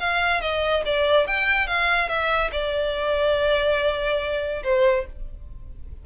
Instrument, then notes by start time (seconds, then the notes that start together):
violin
0.00 F5
0.41 D#5
0.86 D5
1.27 G5
1.67 F5
2.09 E5
2.52 D5
4.64 C5